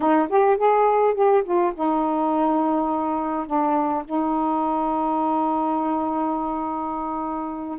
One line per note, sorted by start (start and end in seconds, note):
0.00 0.28 D#4
0.29 0.57 G4
0.57 1.14 G#4
1.14 1.43 G4
1.44 1.73 F4
1.74 3.46 D#4
3.46 4.04 D4
4.04 7.78 D#4